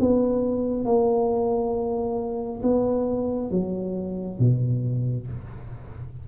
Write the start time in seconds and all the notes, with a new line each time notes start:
0.00 B3
0.85 A#3
2.63 B3
3.51 F#3
4.39 B2